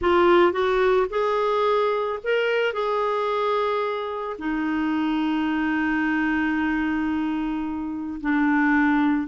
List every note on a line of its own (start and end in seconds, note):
0.01 0.52 F4
0.52 1.06 F#4
1.10 2.19 G#4
2.23 2.73 A#4
2.73 4.36 G#4
4.38 8.20 D#4
8.20 9.27 D4